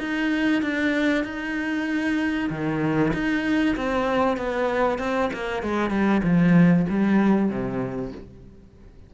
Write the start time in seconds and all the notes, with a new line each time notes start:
0.00 D#4
0.62 D4
1.25 D#4
2.50 D#3
3.14 D#4
3.77 C4
4.38 B3
4.99 C4
5.34 A#3
5.63 G#3
5.91 G3
6.24 F3
6.90 G3
7.50 C3